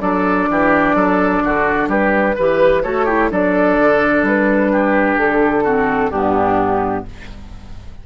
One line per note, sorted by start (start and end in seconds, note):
0.00 0.48 F#3
0.00 2.34 D4
0.00 0.49 A4
0.00 1.88 D5
0.50 0.95 E3
0.50 0.96 G4
0.95 1.41 F#3
0.95 1.43 A4
1.44 1.88 D3
1.44 1.89 F#4
1.88 2.35 G3
1.88 2.35 G4
1.88 2.83 B4
2.35 2.84 E3
2.35 2.84 G4
2.35 2.82 B4
2.83 3.31 A3
2.83 3.07 F#4
2.83 3.05 A4
2.83 3.30 C#5
3.05 3.31 E4
3.05 3.29 G4
3.31 3.78 F#3
3.31 5.65 D4
3.31 4.72 A4
3.31 4.26 D5
3.78 4.22 D3
4.22 5.16 G3
4.22 5.18 B4
4.72 5.64 G4
5.16 6.10 D3
5.16 6.11 A4
5.64 6.12 C4
5.64 6.10 F#4
6.10 7.04 G2
6.10 7.06 B3
6.10 7.04 D4
6.10 7.05 G4